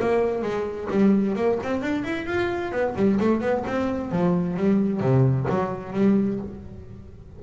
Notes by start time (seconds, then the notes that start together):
0.00 A#3
0.42 G#3
0.90 G3
1.36 A#3
1.63 C4
1.82 D4
2.04 E4
2.26 F4
2.72 B3
2.96 G3
3.20 A3
3.41 B3
3.67 C4
4.11 F3
4.57 G3
5.00 C3
5.49 F#3
5.93 G3